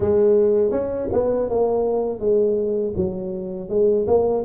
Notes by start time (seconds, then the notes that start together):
0.00 G#3
0.71 C#4
1.12 B3
1.48 A#3
2.19 G#3
2.96 F#3
3.69 G#3
4.07 A#3